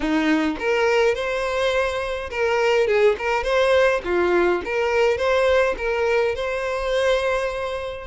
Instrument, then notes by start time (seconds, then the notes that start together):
violin
0.00 D#4
0.59 A#4
1.14 C5
2.30 A#4
2.87 G#4
3.18 A#4
3.43 C5
4.04 F4
4.64 A#4
5.17 C5
5.77 A#4
6.35 C5